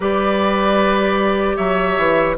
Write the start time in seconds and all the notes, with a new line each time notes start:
0.00 G3 G4 B4 D5
1.56 F#3 C#5 E5
1.97 E3